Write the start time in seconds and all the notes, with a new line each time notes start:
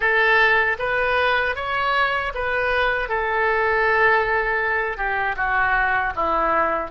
0.00 A4
0.78 B4
1.55 C#5
2.34 B4
3.08 A4
4.97 G4
5.36 F#4
6.15 E4